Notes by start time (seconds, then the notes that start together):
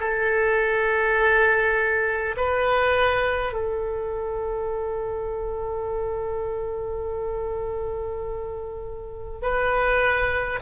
0.00 A4
2.36 B4
3.52 A4
9.42 B4